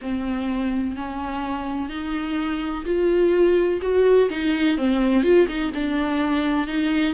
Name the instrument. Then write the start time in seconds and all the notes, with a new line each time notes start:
viola
0.01 C4
0.95 C#4
1.89 D#4
2.85 F4
3.81 F#4
4.29 D#4
4.77 C4
5.23 F4
5.48 D#4
5.74 D4
6.67 D#4